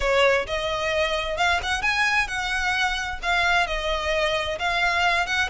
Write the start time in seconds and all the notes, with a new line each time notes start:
0.00 C#5
0.47 D#5
1.37 F5
1.62 F#5
1.82 G#5
2.27 F#5
3.22 F5
3.66 D#5
4.58 F5
5.26 F#5